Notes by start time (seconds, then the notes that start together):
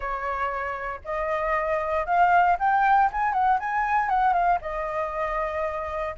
0.00 C#5
1.04 D#5
2.06 F5
2.59 G5
3.12 G#5
3.33 F#5
3.59 G#5
4.09 F#5
4.33 F5
4.61 D#5